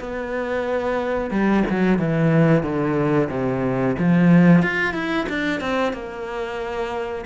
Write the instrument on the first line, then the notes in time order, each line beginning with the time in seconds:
cello
0.00 B3
1.31 G3
1.70 F#3
1.99 E3
2.63 D3
3.30 C3
3.99 F3
4.62 F4
4.94 E4
5.29 D4
5.61 C4
5.93 A#3